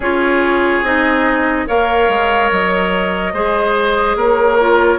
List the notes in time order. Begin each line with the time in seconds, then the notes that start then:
0.00 C#4 F4 G#4 C#5
0.82 C4 D#4 D#5
1.66 A#3 A#4 C#5 F5
2.08 G#3
2.51 F#3 D#5
3.33 G#3 G#4 C5
4.15 A#3 A#4 C#5
4.60 F4